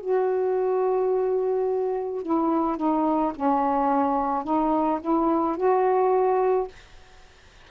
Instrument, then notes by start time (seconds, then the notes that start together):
saxophone
0.00 F#4
2.22 E4
2.77 D#4
3.35 C#4
4.43 D#4
5.01 E4
5.57 F#4